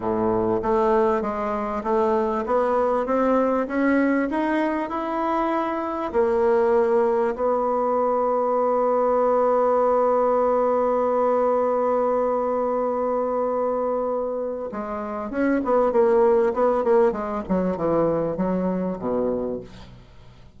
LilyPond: \new Staff \with { instrumentName = "bassoon" } { \time 4/4 \tempo 4 = 98 a,4 a4 gis4 a4 | b4 c'4 cis'4 dis'4 | e'2 ais2 | b1~ |
b1~ | b1 | gis4 cis'8 b8 ais4 b8 ais8 | gis8 fis8 e4 fis4 b,4 | }